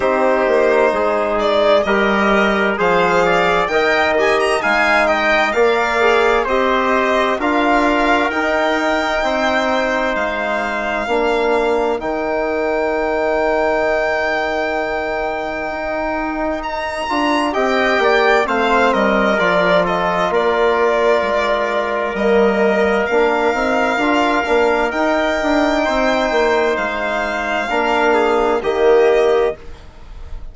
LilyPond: <<
  \new Staff \with { instrumentName = "violin" } { \time 4/4 \tempo 4 = 65 c''4. d''8 dis''4 f''4 | g''8 gis''16 ais''16 gis''8 g''8 f''4 dis''4 | f''4 g''2 f''4~ | f''4 g''2.~ |
g''2 ais''4 g''4 | f''8 dis''8 d''8 dis''8 d''2 | dis''4 f''2 g''4~ | g''4 f''2 dis''4 | }
  \new Staff \with { instrumentName = "trumpet" } { \time 4/4 g'4 gis'4 ais'4 c''8 d''8 | dis''4 f''8 dis''8 d''4 c''4 | ais'2 c''2 | ais'1~ |
ais'2. dis''8 d''8 | c''8 ais'4 a'8 ais'2~ | ais'1 | c''2 ais'8 gis'8 g'4 | }
  \new Staff \with { instrumentName = "trombone" } { \time 4/4 dis'2 g'4 gis'4 | ais'8 g'8 dis'4 ais'8 gis'8 g'4 | f'4 dis'2. | d'4 dis'2.~ |
dis'2~ dis'8 f'8 g'4 | c'4 f'2. | ais4 d'8 dis'8 f'8 d'8 dis'4~ | dis'2 d'4 ais4 | }
  \new Staff \with { instrumentName = "bassoon" } { \time 4/4 c'8 ais8 gis4 g4 f4 | dis4 gis4 ais4 c'4 | d'4 dis'4 c'4 gis4 | ais4 dis2.~ |
dis4 dis'4. d'8 c'8 ais8 | a8 g8 f4 ais4 gis4 | g4 ais8 c'8 d'8 ais8 dis'8 d'8 | c'8 ais8 gis4 ais4 dis4 | }
>>